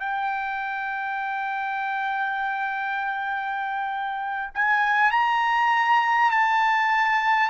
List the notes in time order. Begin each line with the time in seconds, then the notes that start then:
0.00 G5
4.55 G#5
5.11 A#5
6.31 A5